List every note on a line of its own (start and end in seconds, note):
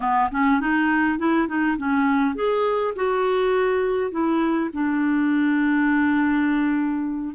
0.00 0.29 B3
0.31 0.60 C#4
0.60 1.18 D#4
1.18 1.47 E4
1.47 1.77 D#4
1.77 2.35 C#4
2.35 2.94 G#4
2.95 4.11 F#4
4.11 4.70 E4
4.73 7.35 D4